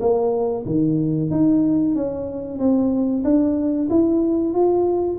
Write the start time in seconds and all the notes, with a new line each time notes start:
0.00 A#3
0.66 D#3
1.30 D#4
1.95 C#4
2.59 C4
3.24 D4
3.90 E4
4.54 F4